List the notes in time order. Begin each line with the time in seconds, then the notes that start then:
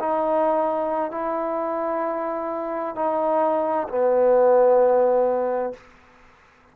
0.00 D#4
1.12 E4
2.96 D#4
3.89 B3